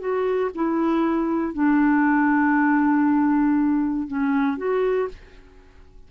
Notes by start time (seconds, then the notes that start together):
0.00 F#4
0.55 E4
1.54 D4
4.08 C#4
4.58 F#4